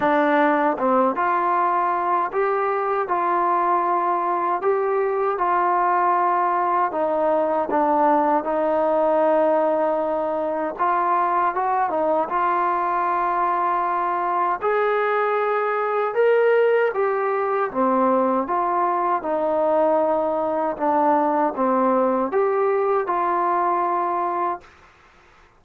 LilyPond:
\new Staff \with { instrumentName = "trombone" } { \time 4/4 \tempo 4 = 78 d'4 c'8 f'4. g'4 | f'2 g'4 f'4~ | f'4 dis'4 d'4 dis'4~ | dis'2 f'4 fis'8 dis'8 |
f'2. gis'4~ | gis'4 ais'4 g'4 c'4 | f'4 dis'2 d'4 | c'4 g'4 f'2 | }